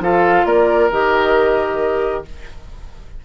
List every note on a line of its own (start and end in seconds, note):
0.00 0.44 F3
0.00 0.91 F4
0.00 0.46 A4
0.00 0.46 F5
0.45 0.90 A#3
0.45 2.24 A#4
0.45 0.91 D5
0.91 2.24 D#3
0.91 2.25 G4
0.91 2.25 D#5